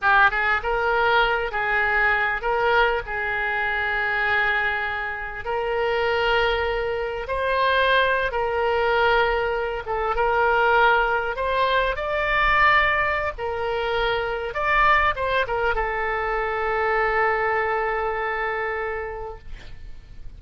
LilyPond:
\new Staff \with { instrumentName = "oboe" } { \time 4/4 \tempo 4 = 99 g'8 gis'8 ais'4. gis'4. | ais'4 gis'2.~ | gis'4 ais'2. | c''4.~ c''16 ais'2~ ais'16~ |
ais'16 a'8 ais'2 c''4 d''16~ | d''2 ais'2 | d''4 c''8 ais'8 a'2~ | a'1 | }